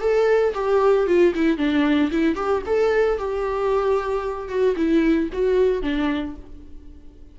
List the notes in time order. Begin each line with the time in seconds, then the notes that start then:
0.00 A4
0.54 G4
1.06 F4
1.35 E4
1.57 D4
2.11 E4
2.35 G4
2.66 A4
3.18 G4
4.48 F#4
4.76 E4
5.32 F#4
5.82 D4